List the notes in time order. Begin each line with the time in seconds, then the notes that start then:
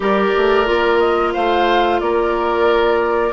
0.00 G3 G4 A#4 D5
0.36 A3
0.65 A#3 F4
0.98 D#5
1.33 A3 C5 F5
2.00 A#3 A#4 D5